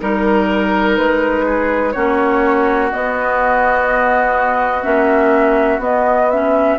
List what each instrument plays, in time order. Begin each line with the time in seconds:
0.00 bassoon G3, clarinet D#4, flute A#4, oboe A#4
0.97 bassoon G#3, flute B4
1.45 oboe G#4
1.92 bassoon A#3, clarinet C#4, oboe F#4, flute C#5
2.92 clarinet B3, bassoon B3, flute D#5
4.83 bassoon A#3, clarinet C#4, flute E5
5.78 bassoon B3, clarinet B3, flute D#5
6.30 clarinet C#4, flute E5